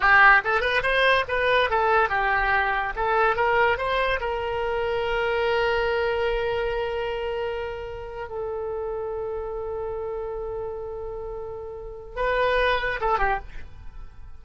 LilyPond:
\new Staff \with { instrumentName = "oboe" } { \time 4/4 \tempo 4 = 143 g'4 a'8 b'8 c''4 b'4 | a'4 g'2 a'4 | ais'4 c''4 ais'2~ | ais'1~ |
ais'2.~ ais'8. a'16~ | a'1~ | a'1~ | a'4 b'2 a'8 g'8 | }